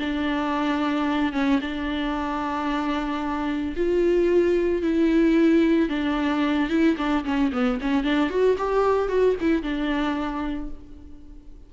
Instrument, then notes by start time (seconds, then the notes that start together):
viola
0.00 D4
1.33 C#4
1.61 D4
3.77 F4
4.83 E4
5.90 D4
6.70 E4
6.98 D4
7.25 C#4
7.53 B3
7.81 C#4
8.04 D4
8.30 F#4
8.58 G4
9.09 F#4
9.41 E4
9.63 D4